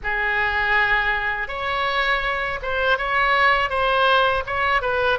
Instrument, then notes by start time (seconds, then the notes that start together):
oboe
0.03 G#4
1.47 C#5
2.62 C5
2.98 C#5
3.69 C5
4.46 C#5
4.81 B4